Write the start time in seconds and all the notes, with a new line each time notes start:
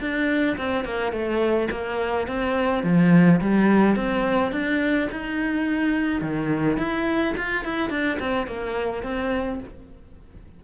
0.00 D4
0.57 C4
0.84 A#3
1.12 A3
1.71 A#3
2.27 C4
2.83 F3
3.40 G3
3.95 C4
4.52 D4
5.11 D#4
6.21 D#3
6.77 E4
7.37 F4
7.64 E4
7.90 D4
8.19 C4
8.47 A#3
9.03 C4